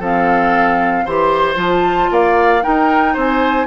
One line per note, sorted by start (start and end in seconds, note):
0.00 1.05 F3
0.00 1.07 C4
0.00 1.05 A4
0.00 1.07 F5
1.05 1.56 E3
1.05 1.56 G4
1.05 2.11 C5
1.05 1.60 C6
1.56 2.09 F3
1.56 2.61 F4
1.56 2.14 A5
2.11 2.63 A#3
2.11 2.64 D5
2.11 2.64 F5
2.63 3.67 D#4
2.63 3.17 D#4
2.63 3.14 A#4
2.63 3.16 G5
3.14 3.67 C4
3.14 3.67 C5
3.14 3.67 G#5